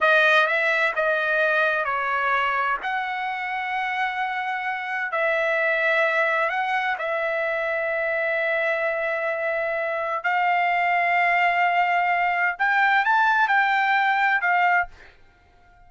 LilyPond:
\new Staff \with { instrumentName = "trumpet" } { \time 4/4 \tempo 4 = 129 dis''4 e''4 dis''2 | cis''2 fis''2~ | fis''2. e''4~ | e''2 fis''4 e''4~ |
e''1~ | e''2 f''2~ | f''2. g''4 | a''4 g''2 f''4 | }